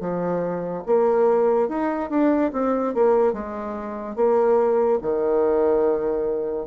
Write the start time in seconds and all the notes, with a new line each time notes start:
0.00 F3
0.86 A#3
1.69 D#4
2.10 D4
2.53 C4
2.94 A#3
3.33 G#3
4.16 A#3
5.02 D#3